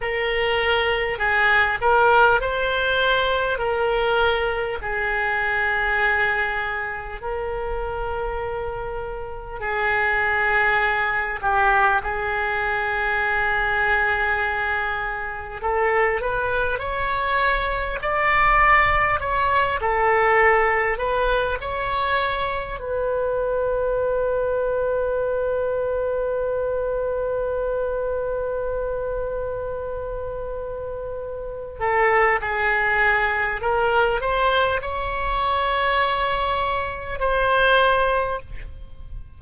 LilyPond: \new Staff \with { instrumentName = "oboe" } { \time 4/4 \tempo 4 = 50 ais'4 gis'8 ais'8 c''4 ais'4 | gis'2 ais'2 | gis'4. g'8 gis'2~ | gis'4 a'8 b'8 cis''4 d''4 |
cis''8 a'4 b'8 cis''4 b'4~ | b'1~ | b'2~ b'8 a'8 gis'4 | ais'8 c''8 cis''2 c''4 | }